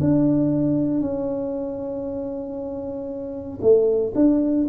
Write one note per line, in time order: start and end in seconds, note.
0.00 1.00 D4
1.00 3.59 C#4
3.62 4.13 A3
4.15 4.67 D4